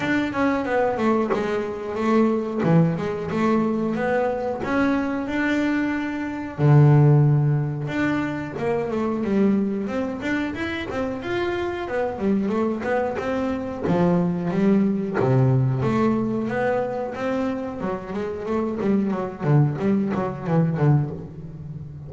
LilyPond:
\new Staff \with { instrumentName = "double bass" } { \time 4/4 \tempo 4 = 91 d'8 cis'8 b8 a8 gis4 a4 | e8 gis8 a4 b4 cis'4 | d'2 d2 | d'4 ais8 a8 g4 c'8 d'8 |
e'8 c'8 f'4 b8 g8 a8 b8 | c'4 f4 g4 c4 | a4 b4 c'4 fis8 gis8 | a8 g8 fis8 d8 g8 fis8 e8 d8 | }